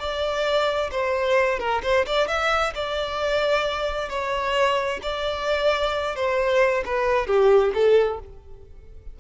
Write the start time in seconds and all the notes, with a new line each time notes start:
0.00 D5
0.92 C5
1.60 A#4
1.83 C5
2.06 D5
2.28 E5
2.75 D5
4.10 C#5
5.03 D5
6.16 C5
6.86 B4
7.27 G4
7.75 A4